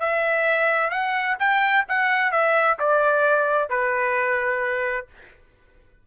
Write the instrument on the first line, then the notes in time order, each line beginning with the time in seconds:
trumpet
0.00 E5
0.91 F#5
1.39 G5
1.89 F#5
2.32 E5
2.80 D5
3.70 B4